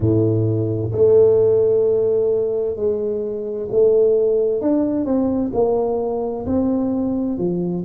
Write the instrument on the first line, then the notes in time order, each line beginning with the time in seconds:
tuba
0.00 A2
0.92 A3
2.76 G#3
3.71 A3
4.61 D4
5.05 C4
5.53 A#3
6.46 C4
7.38 F3